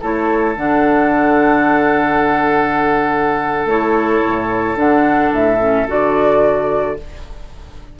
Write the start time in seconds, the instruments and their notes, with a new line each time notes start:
0.00 bassoon A3, clarinet E4, oboe A4, flute C#5
0.56 bassoon D3, clarinet D4, flute F#5
3.66 bassoon A3, clarinet E4, flute C#5
4.26 bassoon A2
4.76 bassoon D3, clarinet D4, flute F#5
5.32 bassoon A2, flute E5
5.60 clarinet C#4
5.88 bassoon D3, clarinet F#4, flute D5